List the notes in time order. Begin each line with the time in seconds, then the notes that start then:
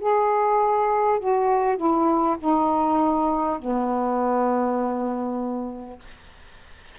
0.00 G#4
1.19 F#4
1.77 E4
2.39 D#4
3.59 B3